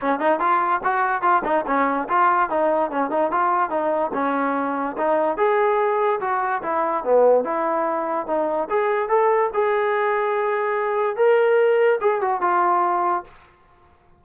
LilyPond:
\new Staff \with { instrumentName = "trombone" } { \time 4/4 \tempo 4 = 145 cis'8 dis'8 f'4 fis'4 f'8 dis'8 | cis'4 f'4 dis'4 cis'8 dis'8 | f'4 dis'4 cis'2 | dis'4 gis'2 fis'4 |
e'4 b4 e'2 | dis'4 gis'4 a'4 gis'4~ | gis'2. ais'4~ | ais'4 gis'8 fis'8 f'2 | }